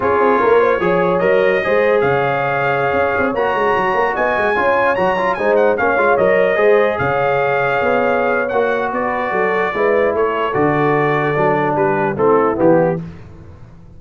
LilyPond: <<
  \new Staff \with { instrumentName = "trumpet" } { \time 4/4 \tempo 4 = 148 cis''2. dis''4~ | dis''4 f''2.~ | f''16 ais''2 gis''4.~ gis''16~ | gis''16 ais''4 gis''8 fis''8 f''4 dis''8.~ |
dis''4~ dis''16 f''2~ f''8.~ | f''4 fis''4 d''2~ | d''4 cis''4 d''2~ | d''4 b'4 a'4 g'4 | }
  \new Staff \with { instrumentName = "horn" } { \time 4/4 gis'4 ais'8 c''8 cis''2 | c''4 cis''2.~ | cis''2~ cis''16 dis''4 cis''8.~ | cis''4~ cis''16 c''4 cis''4.~ cis''16~ |
cis''16 c''4 cis''2~ cis''8.~ | cis''2 b'4 a'4 | b'4 a'2.~ | a'4 g'4 e'2 | }
  \new Staff \with { instrumentName = "trombone" } { \time 4/4 f'2 gis'4 ais'4 | gis'1~ | gis'16 fis'2. f'8.~ | f'16 fis'8 f'8 dis'4 cis'8 f'8 ais'8.~ |
ais'16 gis'2.~ gis'8.~ | gis'4 fis'2. | e'2 fis'2 | d'2 c'4 b4 | }
  \new Staff \with { instrumentName = "tuba" } { \time 4/4 cis'8 c'8 ais4 f4 fis4 | gis4 cis2~ cis16 cis'8 c'16~ | c'16 ais8 gis8 fis8 ais8 b8 gis8 cis'8.~ | cis'16 fis4 gis4 ais8 gis8 fis8.~ |
fis16 gis4 cis2 b8.~ | b4 ais4 b4 fis4 | gis4 a4 d2 | fis4 g4 a4 e4 | }
>>